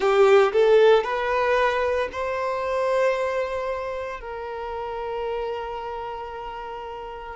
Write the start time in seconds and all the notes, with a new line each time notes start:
0.00 G4
0.52 A4
1.03 B4
2.11 C5
4.20 A#4